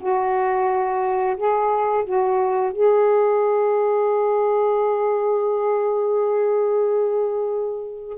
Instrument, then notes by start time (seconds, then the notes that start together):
saxophone
0.00 F#4
1.37 G#4
2.05 F#4
2.72 G#4